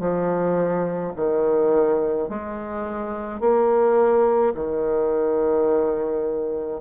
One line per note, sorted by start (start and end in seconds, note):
0.00 1.13 F3
1.16 2.29 D#3
2.29 3.40 G#3
3.40 4.53 A#3
4.55 6.81 D#3